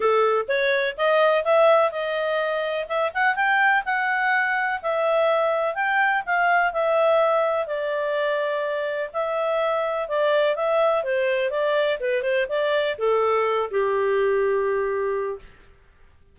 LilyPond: \new Staff \with { instrumentName = "clarinet" } { \time 4/4 \tempo 4 = 125 a'4 cis''4 dis''4 e''4 | dis''2 e''8 fis''8 g''4 | fis''2 e''2 | g''4 f''4 e''2 |
d''2. e''4~ | e''4 d''4 e''4 c''4 | d''4 b'8 c''8 d''4 a'4~ | a'8 g'2.~ g'8 | }